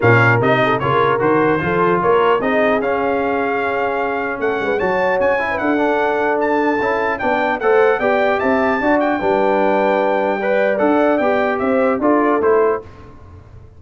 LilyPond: <<
  \new Staff \with { instrumentName = "trumpet" } { \time 4/4 \tempo 4 = 150 f''4 dis''4 cis''4 c''4~ | c''4 cis''4 dis''4 f''4~ | f''2. fis''4 | a''4 gis''4 fis''2 |
a''2 g''4 fis''4 | g''4 a''4. g''4.~ | g''2. fis''4 | g''4 e''4 d''4 c''4 | }
  \new Staff \with { instrumentName = "horn" } { \time 4/4 ais'4. a'8 ais'2 | a'4 ais'4 gis'2~ | gis'2. a'8 b'8 | cis''4.~ cis''16 b'16 a'2~ |
a'2 d''4 c''4 | d''4 e''4 d''4 b'4~ | b'2 d''2~ | d''4 c''4 a'2 | }
  \new Staff \with { instrumentName = "trombone" } { \time 4/4 cis'4 dis'4 f'4 fis'4 | f'2 dis'4 cis'4~ | cis'1 | fis'4. e'4 d'4.~ |
d'4 e'4 d'4 a'4 | g'2 fis'4 d'4~ | d'2 b'4 a'4 | g'2 f'4 e'4 | }
  \new Staff \with { instrumentName = "tuba" } { \time 4/4 ais,4 c4 cis4 dis4 | f4 ais4 c'4 cis'4~ | cis'2. a8 gis8 | fis4 cis'4 d'2~ |
d'4 cis'4 b4 a4 | b4 c'4 d'4 g4~ | g2. d'4 | b4 c'4 d'4 a4 | }
>>